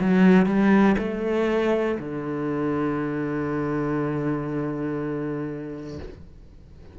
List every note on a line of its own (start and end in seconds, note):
0.00 0.46 F#3
0.46 0.96 G3
0.98 1.98 A3
1.99 5.99 D3